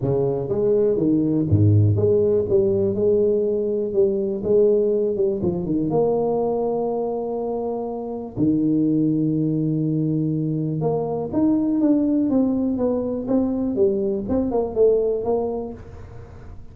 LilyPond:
\new Staff \with { instrumentName = "tuba" } { \time 4/4 \tempo 4 = 122 cis4 gis4 dis4 gis,4 | gis4 g4 gis2 | g4 gis4. g8 f8 dis8 | ais1~ |
ais4 dis2.~ | dis2 ais4 dis'4 | d'4 c'4 b4 c'4 | g4 c'8 ais8 a4 ais4 | }